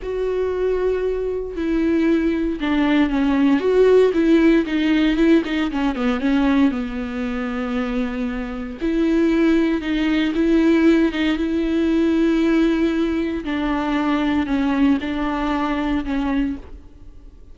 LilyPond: \new Staff \with { instrumentName = "viola" } { \time 4/4 \tempo 4 = 116 fis'2. e'4~ | e'4 d'4 cis'4 fis'4 | e'4 dis'4 e'8 dis'8 cis'8 b8 | cis'4 b2.~ |
b4 e'2 dis'4 | e'4. dis'8 e'2~ | e'2 d'2 | cis'4 d'2 cis'4 | }